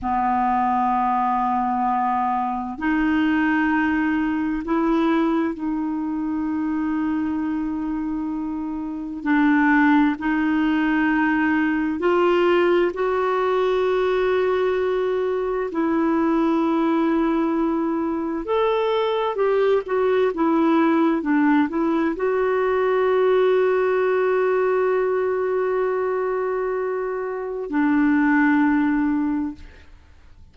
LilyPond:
\new Staff \with { instrumentName = "clarinet" } { \time 4/4 \tempo 4 = 65 b2. dis'4~ | dis'4 e'4 dis'2~ | dis'2 d'4 dis'4~ | dis'4 f'4 fis'2~ |
fis'4 e'2. | a'4 g'8 fis'8 e'4 d'8 e'8 | fis'1~ | fis'2 d'2 | }